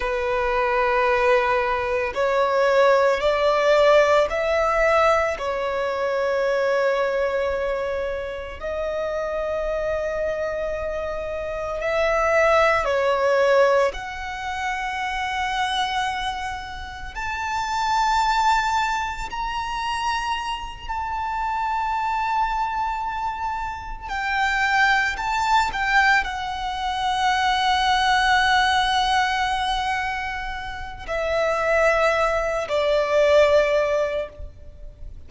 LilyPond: \new Staff \with { instrumentName = "violin" } { \time 4/4 \tempo 4 = 56 b'2 cis''4 d''4 | e''4 cis''2. | dis''2. e''4 | cis''4 fis''2. |
a''2 ais''4. a''8~ | a''2~ a''8 g''4 a''8 | g''8 fis''2.~ fis''8~ | fis''4 e''4. d''4. | }